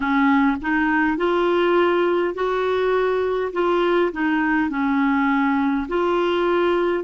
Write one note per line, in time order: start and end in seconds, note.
0.00 0.56 C#4
0.61 1.17 D#4
1.17 2.34 F4
2.34 3.52 F#4
3.52 4.11 F4
4.12 4.69 D#4
4.69 5.87 C#4
5.88 7.04 F4